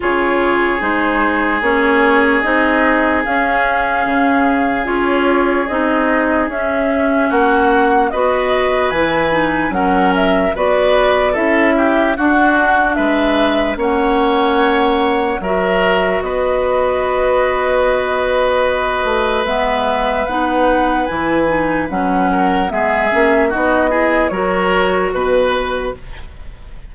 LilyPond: <<
  \new Staff \with { instrumentName = "flute" } { \time 4/4 \tempo 4 = 74 cis''4 c''4 cis''4 dis''4 | f''2 cis''4 dis''4 | e''4 fis''4 dis''4 gis''4 | fis''8 e''8 d''4 e''4 fis''4 |
e''4 fis''2 e''4 | dis''1 | e''4 fis''4 gis''4 fis''4 | e''4 dis''4 cis''4 b'4 | }
  \new Staff \with { instrumentName = "oboe" } { \time 4/4 gis'1~ | gis'1~ | gis'4 fis'4 b'2 | ais'4 b'4 a'8 g'8 fis'4 |
b'4 cis''2 ais'4 | b'1~ | b'2.~ b'8 ais'8 | gis'4 fis'8 gis'8 ais'4 b'4 | }
  \new Staff \with { instrumentName = "clarinet" } { \time 4/4 f'4 dis'4 cis'4 dis'4 | cis'2 f'4 dis'4 | cis'2 fis'4 e'8 dis'8 | cis'4 fis'4 e'4 d'4~ |
d'4 cis'2 fis'4~ | fis'1 | b4 dis'4 e'8 dis'8 cis'4 | b8 cis'8 dis'8 e'8 fis'2 | }
  \new Staff \with { instrumentName = "bassoon" } { \time 4/4 cis4 gis4 ais4 c'4 | cis'4 cis4 cis'4 c'4 | cis'4 ais4 b4 e4 | fis4 b4 cis'4 d'4 |
gis4 ais2 fis4 | b2.~ b8 a8 | gis4 b4 e4 fis4 | gis8 ais8 b4 fis4 b,4 | }
>>